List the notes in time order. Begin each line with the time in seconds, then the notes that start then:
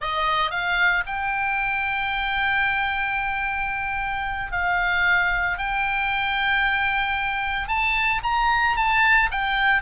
0.01 D#5
0.50 F5
1.06 G5
4.51 F5
5.58 G5
7.67 A5
8.23 A#5
8.76 A5
9.31 G5